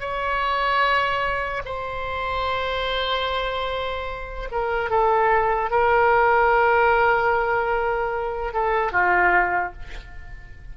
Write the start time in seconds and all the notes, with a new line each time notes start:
0.00 C#5
1.65 C5
4.51 A#4
4.90 A4
5.70 A#4
8.53 A4
8.92 F4